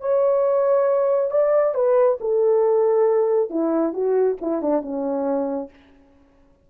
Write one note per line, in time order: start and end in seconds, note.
0.00 1.31 C#5
1.31 1.74 D5
1.74 2.18 B4
2.20 3.50 A4
3.50 3.93 E4
3.93 4.37 F#4
4.41 4.62 E4
4.62 4.82 D4
4.82 5.69 C#4